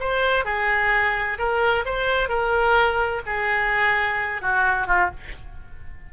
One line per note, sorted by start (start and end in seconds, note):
0.00 0.45 C5
0.45 1.38 G#4
1.38 1.85 A#4
1.85 2.29 C5
2.29 3.22 A#4
3.26 4.42 G#4
4.42 4.87 F#4
4.87 5.10 F4